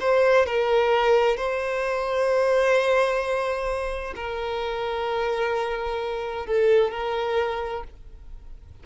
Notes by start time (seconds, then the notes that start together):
0.00 C5
0.46 A#4
1.37 C5
4.15 A#4
6.46 A4
6.91 A#4